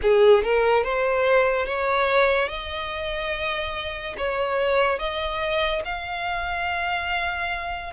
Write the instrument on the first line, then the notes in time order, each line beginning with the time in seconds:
violin
0.02 G#4
0.43 A#4
0.83 C5
1.66 C#5
2.48 D#5
4.17 C#5
4.98 D#5
5.84 F5